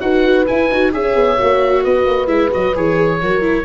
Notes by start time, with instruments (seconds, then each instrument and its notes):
0.00 tuba D#4, viola F#4, horn B4, oboe F#5
0.47 viola E4, tuba E4, oboe G#5
0.71 tuba D#4, viola F#4
0.92 tuba C#4, viola G#4, horn C#5, oboe E5
1.16 tuba B3
1.37 tuba A#3, viola F#4
1.82 tuba B3, horn B4, oboe D#5
2.06 tuba A#3
2.27 tuba G#3, viola E4, oboe E5
2.51 tuba F#3, viola F#4, oboe D#5
2.75 tuba E3, viola G#4, oboe C#5
3.21 tuba F#3, viola F#4, horn A#4
3.41 viola E4